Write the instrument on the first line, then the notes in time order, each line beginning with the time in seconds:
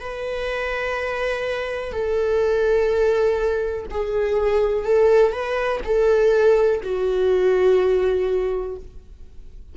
viola
0.00 B4
1.92 A4
3.90 G#4
4.85 A4
5.32 B4
5.84 A4
6.83 F#4